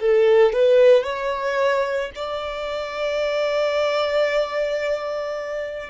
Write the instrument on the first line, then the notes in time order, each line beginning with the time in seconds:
violin
0.00 A4
0.53 B4
1.04 C#5
2.15 D5